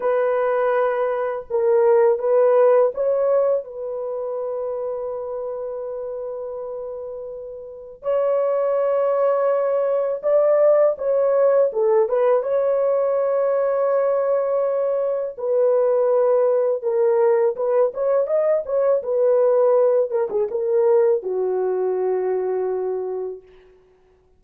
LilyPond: \new Staff \with { instrumentName = "horn" } { \time 4/4 \tempo 4 = 82 b'2 ais'4 b'4 | cis''4 b'2.~ | b'2. cis''4~ | cis''2 d''4 cis''4 |
a'8 b'8 cis''2.~ | cis''4 b'2 ais'4 | b'8 cis''8 dis''8 cis''8 b'4. ais'16 gis'16 | ais'4 fis'2. | }